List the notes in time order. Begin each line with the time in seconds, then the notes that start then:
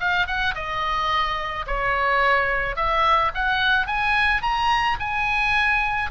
0.00 F5
0.27 F#5
0.55 D#5
1.67 C#5
2.76 E5
3.34 F#5
3.87 G#5
4.42 A#5
4.99 G#5